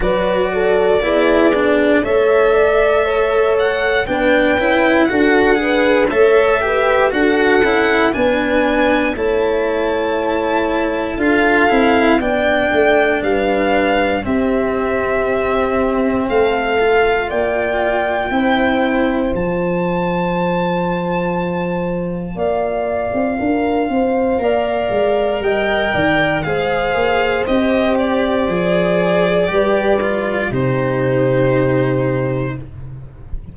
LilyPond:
<<
  \new Staff \with { instrumentName = "violin" } { \time 4/4 \tempo 4 = 59 d''2 e''4. fis''8 | g''4 fis''4 e''4 fis''4 | gis''4 a''2 f''4 | g''4 f''4 e''2 |
f''4 g''2 a''4~ | a''2 f''2~ | f''4 g''4 f''4 dis''8 d''8~ | d''2 c''2 | }
  \new Staff \with { instrumentName = "horn" } { \time 4/4 b'8 a'8 gis'4 cis''8 d''8 cis''4 | b'4 a'8 b'8 cis''8 b'8 a'4 | b'4 cis''2 a'4 | d''4 b'4 g'2 |
a'4 d''4 c''2~ | c''2 d''4 ais'8 c''8 | d''4 dis''8 d''8 c''2~ | c''4 b'4 g'2 | }
  \new Staff \with { instrumentName = "cello" } { \time 4/4 fis'4 e'8 d'8 a'2 | d'8 e'8 fis'8 gis'8 a'8 g'8 fis'8 e'8 | d'4 e'2 f'8 e'8 | d'2 c'2~ |
c'8 f'4. e'4 f'4~ | f'1 | ais'2 gis'4 g'4 | gis'4 g'8 f'8 dis'2 | }
  \new Staff \with { instrumentName = "tuba" } { \time 4/4 fis4 b4 a2 | b8 cis'8 d'4 a4 d'8 cis'8 | b4 a2 d'8 c'8 | b8 a8 g4 c'2 |
a4 ais4 c'4 f4~ | f2 ais8. c'16 d'8 c'8 | ais8 gis8 g8 dis8 gis8 ais8 c'4 | f4 g4 c2 | }
>>